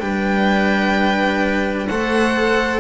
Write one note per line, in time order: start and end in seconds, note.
0.00 1.88 G3
0.00 1.88 D4
0.00 1.89 B4
0.00 1.88 G5
1.88 2.80 A3
1.88 2.80 A4
1.88 2.80 C5
1.88 2.80 F#5